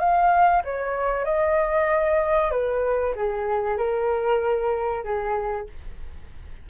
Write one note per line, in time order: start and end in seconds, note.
0.00 0.63 F5
0.65 1.25 C#5
1.25 2.51 D#5
2.51 3.15 B4
3.16 3.78 G#4
3.78 5.04 A#4
5.04 5.67 G#4